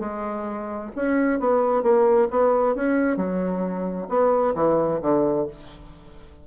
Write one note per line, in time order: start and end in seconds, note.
0.00 0.91 G#3
0.96 1.40 C#4
1.40 1.83 B3
1.83 2.28 A#3
2.31 2.76 B3
2.76 3.17 C#4
3.17 4.08 F#3
4.09 4.55 B3
4.55 5.00 E3
5.02 5.47 D3